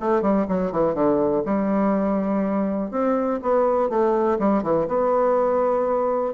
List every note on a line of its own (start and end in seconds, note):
0.00 0.22 A3
0.22 0.46 G3
0.48 0.72 F#3
0.72 0.94 E3
0.94 1.43 D3
1.45 2.91 G3
2.91 3.40 C4
3.42 3.90 B3
3.90 4.38 A3
4.39 4.63 G3
4.63 4.88 E3
4.88 6.34 B3